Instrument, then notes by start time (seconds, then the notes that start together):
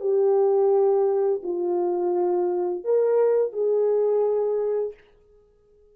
horn
0.00 G4
1.43 F4
2.84 A#4
3.52 G#4